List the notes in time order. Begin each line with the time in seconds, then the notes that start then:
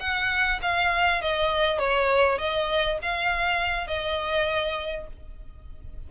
0.00 F#5
0.62 F5
1.21 D#5
1.79 C#5
2.38 D#5
3.02 F5
3.87 D#5